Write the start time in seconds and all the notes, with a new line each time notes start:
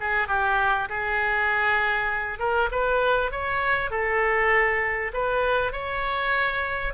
0.00 G#4
0.28 G4
0.89 G#4
2.39 A#4
2.71 B4
3.31 C#5
3.90 A4
5.13 B4
5.72 C#5